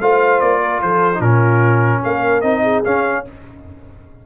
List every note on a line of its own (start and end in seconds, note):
0.00 0.41 A3
0.00 1.13 F4
0.00 0.62 C5
0.00 0.40 F5
0.40 0.82 A#3
0.40 0.81 D5
0.62 0.82 A#4
0.82 1.20 F3
0.82 1.20 A4
0.82 1.21 C5
1.14 2.01 A#2
1.14 1.22 D#4
1.14 2.01 F4
1.21 2.43 C#4
1.21 2.02 A#4
2.03 2.42 A#3
2.03 2.62 A#4
2.03 2.41 F5
2.41 2.83 C4
2.41 2.84 D#4
2.41 2.82 D#5
2.62 3.23 G#4
2.84 3.25 C#4
2.84 3.26 C#4
2.84 3.25 F5